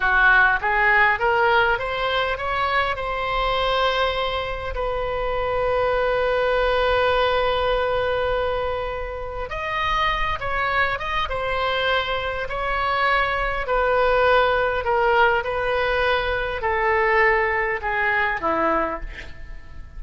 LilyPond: \new Staff \with { instrumentName = "oboe" } { \time 4/4 \tempo 4 = 101 fis'4 gis'4 ais'4 c''4 | cis''4 c''2. | b'1~ | b'1 |
dis''4. cis''4 dis''8 c''4~ | c''4 cis''2 b'4~ | b'4 ais'4 b'2 | a'2 gis'4 e'4 | }